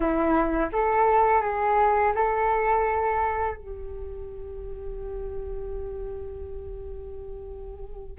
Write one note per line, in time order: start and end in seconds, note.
0.00 0.69 E4
0.72 1.41 A4
1.41 2.13 G#4
2.14 3.57 A4
3.57 8.18 G4